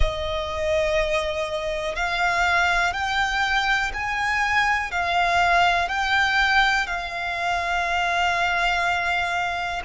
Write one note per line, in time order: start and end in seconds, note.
0.00 1.95 D#5
1.95 2.93 F5
2.93 3.91 G5
3.93 4.91 G#5
4.91 5.88 F5
5.88 6.86 G5
6.86 9.81 F5